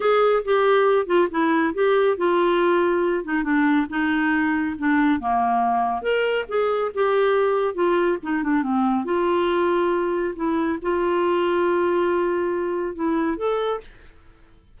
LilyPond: \new Staff \with { instrumentName = "clarinet" } { \time 4/4 \tempo 4 = 139 gis'4 g'4. f'8 e'4 | g'4 f'2~ f'8 dis'8 | d'4 dis'2 d'4 | ais2 ais'4 gis'4 |
g'2 f'4 dis'8 d'8 | c'4 f'2. | e'4 f'2.~ | f'2 e'4 a'4 | }